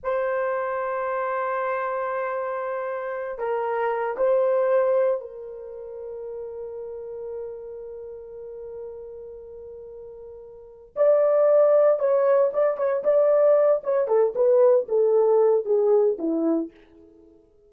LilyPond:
\new Staff \with { instrumentName = "horn" } { \time 4/4 \tempo 4 = 115 c''1~ | c''2~ c''8 ais'4. | c''2 ais'2~ | ais'1~ |
ais'1~ | ais'4 d''2 cis''4 | d''8 cis''8 d''4. cis''8 a'8 b'8~ | b'8 a'4. gis'4 e'4 | }